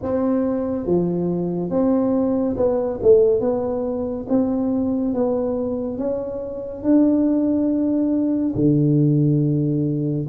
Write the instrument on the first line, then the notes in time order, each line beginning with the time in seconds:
tuba
0.02 C4
0.86 F3
1.69 C4
2.56 B3
3.02 A3
3.40 B3
4.28 C4
5.14 B3
5.98 C#4
6.83 D4
8.55 D3